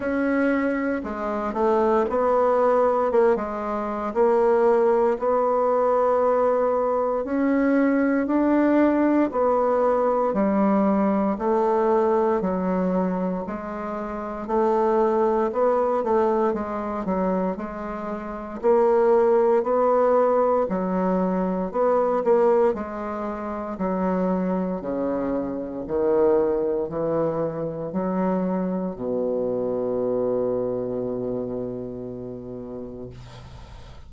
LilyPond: \new Staff \with { instrumentName = "bassoon" } { \time 4/4 \tempo 4 = 58 cis'4 gis8 a8 b4 ais16 gis8. | ais4 b2 cis'4 | d'4 b4 g4 a4 | fis4 gis4 a4 b8 a8 |
gis8 fis8 gis4 ais4 b4 | fis4 b8 ais8 gis4 fis4 | cis4 dis4 e4 fis4 | b,1 | }